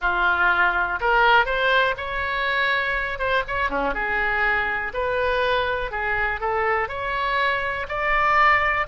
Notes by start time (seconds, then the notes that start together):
0.01 F4
1.00 A#4
1.45 C5
1.97 C#5
3.18 C5
3.47 C#5
3.69 C#4
3.94 G#4
4.93 B4
5.91 G#4
6.40 A4
6.88 C#5
7.88 D5